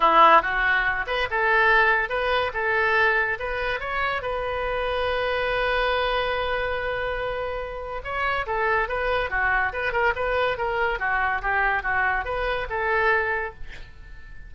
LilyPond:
\new Staff \with { instrumentName = "oboe" } { \time 4/4 \tempo 4 = 142 e'4 fis'4. b'8 a'4~ | a'4 b'4 a'2 | b'4 cis''4 b'2~ | b'1~ |
b'2. cis''4 | a'4 b'4 fis'4 b'8 ais'8 | b'4 ais'4 fis'4 g'4 | fis'4 b'4 a'2 | }